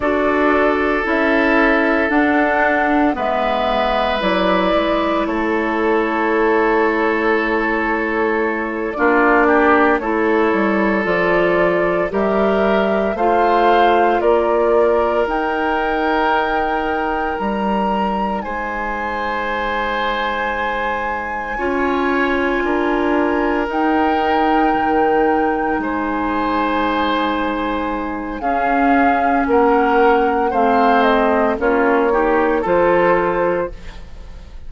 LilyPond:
<<
  \new Staff \with { instrumentName = "flute" } { \time 4/4 \tempo 4 = 57 d''4 e''4 fis''4 e''4 | d''4 cis''2.~ | cis''8 d''4 cis''4 d''4 e''8~ | e''8 f''4 d''4 g''4.~ |
g''8 ais''4 gis''2~ gis''8~ | gis''2~ gis''8 g''4.~ | g''8 gis''2~ gis''8 f''4 | fis''4 f''8 dis''8 cis''4 c''4 | }
  \new Staff \with { instrumentName = "oboe" } { \time 4/4 a'2. b'4~ | b'4 a'2.~ | a'8 f'8 g'8 a'2 ais'8~ | ais'8 c''4 ais'2~ ais'8~ |
ais'4. c''2~ c''8~ | c''8 cis''4 ais'2~ ais'8~ | ais'8 c''2~ c''8 gis'4 | ais'4 c''4 f'8 g'8 a'4 | }
  \new Staff \with { instrumentName = "clarinet" } { \time 4/4 fis'4 e'4 d'4 b4 | e'1~ | e'8 d'4 e'4 f'4 g'8~ | g'8 f'2 dis'4.~ |
dis'1~ | dis'8 f'2 dis'4.~ | dis'2. cis'4~ | cis'4 c'4 cis'8 dis'8 f'4 | }
  \new Staff \with { instrumentName = "bassoon" } { \time 4/4 d'4 cis'4 d'4 gis4 | fis8 gis8 a2.~ | a8 ais4 a8 g8 f4 g8~ | g8 a4 ais4 dis'4.~ |
dis'8 g4 gis2~ gis8~ | gis8 cis'4 d'4 dis'4 dis8~ | dis8 gis2~ gis8 cis'4 | ais4 a4 ais4 f4 | }
>>